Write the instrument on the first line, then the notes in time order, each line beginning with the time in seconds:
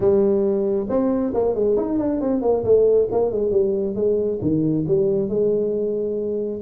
tuba
0.00 G3
0.89 C4
1.34 A#3
1.54 G#3
1.76 D#4
1.98 D4
2.21 C4
2.41 A#3
2.64 A3
3.11 A#3
3.31 G#3
3.51 G3
3.95 G#3
4.41 D#3
4.87 G3
5.28 G#3